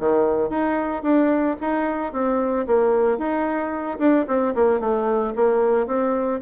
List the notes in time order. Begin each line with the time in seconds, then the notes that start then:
0.00 D#3
0.50 D#4
1.03 D4
1.61 D#4
2.13 C4
2.67 A#3
3.19 D#4
3.99 D4
4.28 C4
4.55 A#3
4.81 A3
5.36 A#3
5.87 C4